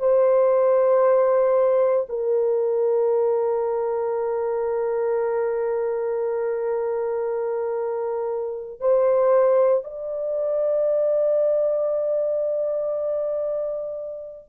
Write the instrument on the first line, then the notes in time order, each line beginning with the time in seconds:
horn
0.00 C5
2.09 A#4
8.81 C5
9.84 D5